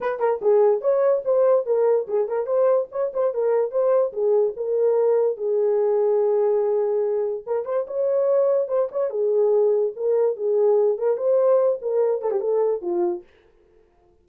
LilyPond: \new Staff \with { instrumentName = "horn" } { \time 4/4 \tempo 4 = 145 b'8 ais'8 gis'4 cis''4 c''4 | ais'4 gis'8 ais'8 c''4 cis''8 c''8 | ais'4 c''4 gis'4 ais'4~ | ais'4 gis'2.~ |
gis'2 ais'8 c''8 cis''4~ | cis''4 c''8 cis''8 gis'2 | ais'4 gis'4. ais'8 c''4~ | c''8 ais'4 a'16 g'16 a'4 f'4 | }